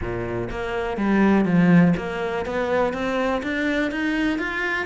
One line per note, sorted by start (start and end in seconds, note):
0.01 0.49 A#2
0.50 0.97 A#3
0.97 1.45 G3
1.45 1.94 F3
1.96 2.45 A#3
2.45 2.93 B3
2.93 3.42 C4
3.43 3.91 D4
3.91 4.38 D#4
4.38 4.85 F4